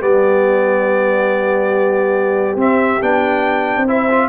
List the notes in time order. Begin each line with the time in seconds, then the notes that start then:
0.00 G3 B3 G4 D5
2.56 C4 E5
3.02 B3 D4 G5
3.77 C4
3.88 E4 C5 E5
4.10 F4